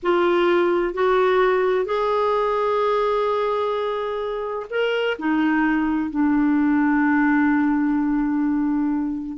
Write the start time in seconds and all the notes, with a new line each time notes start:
0.02 F4
0.94 F#4
1.85 G#4
4.70 A#4
5.18 D#4
6.10 D4